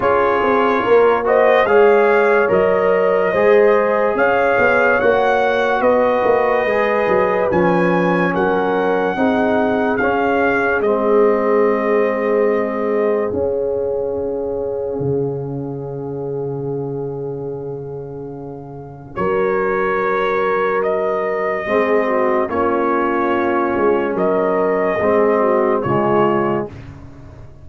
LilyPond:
<<
  \new Staff \with { instrumentName = "trumpet" } { \time 4/4 \tempo 4 = 72 cis''4. dis''8 f''4 dis''4~ | dis''4 f''4 fis''4 dis''4~ | dis''4 gis''4 fis''2 | f''4 dis''2. |
f''1~ | f''2. cis''4~ | cis''4 dis''2 cis''4~ | cis''4 dis''2 cis''4 | }
  \new Staff \with { instrumentName = "horn" } { \time 4/4 gis'4 ais'8 c''8 cis''2 | c''4 cis''2 b'4~ | b'2 ais'4 gis'4~ | gis'1~ |
gis'1~ | gis'2. ais'4~ | ais'2 gis'8 fis'8 f'4~ | f'4 ais'4 gis'8 fis'8 f'4 | }
  \new Staff \with { instrumentName = "trombone" } { \time 4/4 f'4. fis'8 gis'4 ais'4 | gis'2 fis'2 | gis'4 cis'2 dis'4 | cis'4 c'2. |
cis'1~ | cis'1~ | cis'2 c'4 cis'4~ | cis'2 c'4 gis4 | }
  \new Staff \with { instrumentName = "tuba" } { \time 4/4 cis'8 c'8 ais4 gis4 fis4 | gis4 cis'8 b8 ais4 b8 ais8 | gis8 fis8 f4 fis4 c'4 | cis'4 gis2. |
cis'2 cis2~ | cis2. fis4~ | fis2 gis4 ais4~ | ais8 gis8 fis4 gis4 cis4 | }
>>